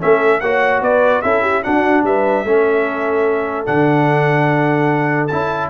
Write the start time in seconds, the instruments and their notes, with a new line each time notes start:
0.00 tuba A3, trombone C#4, horn A4, trumpet E5
0.40 tuba A#3, trombone F#4, horn C#5, trumpet F#5
0.81 tuba B3, horn B4, trumpet D5
1.22 tuba C#4, trombone E4, horn A4, trumpet E5
1.41 horn G4
1.63 trombone D4, tuba D4, horn F#4, trumpet F#5
2.03 tuba G3, horn B4, trumpet E5
2.44 tuba A3, trombone C#4, horn A4
3.66 tuba D3, trombone D4, trumpet F#5
5.27 tuba C#4, trombone E4, trumpet A5